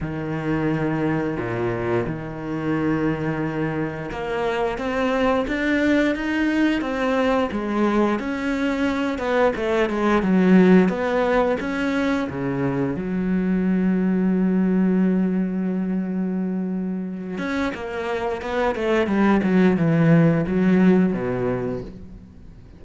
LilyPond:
\new Staff \with { instrumentName = "cello" } { \time 4/4 \tempo 4 = 88 dis2 ais,4 dis4~ | dis2 ais4 c'4 | d'4 dis'4 c'4 gis4 | cis'4. b8 a8 gis8 fis4 |
b4 cis'4 cis4 fis4~ | fis1~ | fis4. cis'8 ais4 b8 a8 | g8 fis8 e4 fis4 b,4 | }